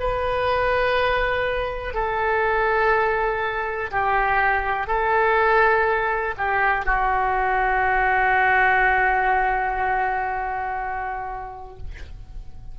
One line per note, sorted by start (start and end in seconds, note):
0.00 1.94 B4
1.94 3.91 A4
3.91 4.87 G4
4.87 6.35 A4
6.38 6.86 G4
6.86 11.78 F#4